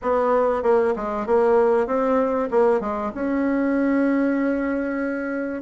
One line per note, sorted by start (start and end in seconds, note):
0.02 0.62 B3
0.62 0.93 A#3
0.95 1.26 G#3
1.26 1.86 A#3
1.86 2.49 C4
2.50 2.80 A#3
2.80 3.11 G#3
3.14 5.62 C#4